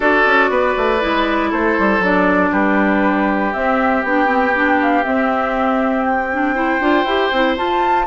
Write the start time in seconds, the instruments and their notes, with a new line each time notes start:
0.00 bassoon D4, clarinet F#4, oboe A4, flute D5
0.26 bassoon C#4
0.49 bassoon B3, oboe B4
0.77 bassoon A3
1.00 bassoon G#3, clarinet E4
1.49 bassoon A3, oboe A4, flute C5
1.78 bassoon G3
1.99 bassoon F#3, clarinet D4, flute D5
2.51 bassoon G3, oboe G4, flute B4
3.53 clarinet C4, bassoon C4, flute E5
4.03 bassoon B3, clarinet D4, flute G5
4.25 clarinet C4
4.54 clarinet D4
4.81 flute F5
5.03 clarinet C4, bassoon C4, flute E5
6.04 flute G5
6.32 clarinet D4
6.54 clarinet E4, oboe C5
6.80 bassoon D4, clarinet F4
7.04 bassoon E4, clarinet G4
7.32 bassoon C4, clarinet E4
7.56 clarinet F4, bassoon F4, flute A5